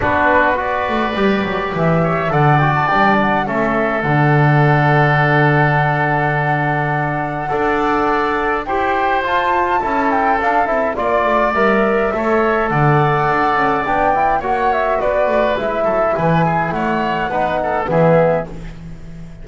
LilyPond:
<<
  \new Staff \with { instrumentName = "flute" } { \time 4/4 \tempo 4 = 104 b'4 d''2 e''4 | fis''8 g''16 a''16 g''8 fis''8 e''4 fis''4~ | fis''1~ | fis''2. g''4 |
a''4. g''8 f''8 e''8 d''4 | e''2 fis''2 | g''4 fis''8 e''8 d''4 e''4 | gis''4 fis''2 e''4 | }
  \new Staff \with { instrumentName = "oboe" } { \time 4/4 fis'4 b'2~ b'8 cis''8 | d''2 a'2~ | a'1~ | a'4 d''2 c''4~ |
c''4 a'2 d''4~ | d''4 cis''4 d''2~ | d''4 cis''4 b'4. a'8 | b'8 gis'8 cis''4 b'8 a'8 gis'4 | }
  \new Staff \with { instrumentName = "trombone" } { \time 4/4 d'4 fis'4 g'2 | a'8 fis'8 d'4 cis'4 d'4~ | d'1~ | d'4 a'2 g'4 |
f'4 e'4 d'8 e'8 f'4 | ais'4 a'2. | d'8 e'8 fis'2 e'4~ | e'2 dis'4 b4 | }
  \new Staff \with { instrumentName = "double bass" } { \time 4/4 b4. a8 g8 fis8 e4 | d4 g4 a4 d4~ | d1~ | d4 d'2 e'4 |
f'4 cis'4 d'8 c'8 ais8 a8 | g4 a4 d4 d'8 cis'8 | b4 ais4 b8 a8 gis8 fis8 | e4 a4 b4 e4 | }
>>